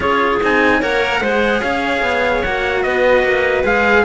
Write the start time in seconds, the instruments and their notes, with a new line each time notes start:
0.00 cello C#4 F4, clarinet G#4, trumpet C#5
0.42 cello C4 D#4, trumpet G#5
0.79 cello A#3 A#4, clarinet C#5, trumpet F#5
1.20 cello G#3 G#4, clarinet C5
1.61 cello C#4, clarinet C#5, trumpet F5
2.02 cello B3
2.42 cello A#3 F#4, trumpet F#5
2.82 cello B3, clarinet B4, trumpet D#5
3.22 cello A#3
3.64 cello G#3 G#4, trumpet F5